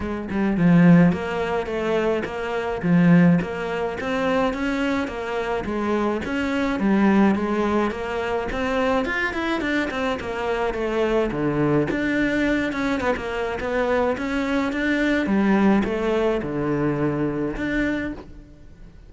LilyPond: \new Staff \with { instrumentName = "cello" } { \time 4/4 \tempo 4 = 106 gis8 g8 f4 ais4 a4 | ais4 f4 ais4 c'4 | cis'4 ais4 gis4 cis'4 | g4 gis4 ais4 c'4 |
f'8 e'8 d'8 c'8 ais4 a4 | d4 d'4. cis'8 b16 ais8. | b4 cis'4 d'4 g4 | a4 d2 d'4 | }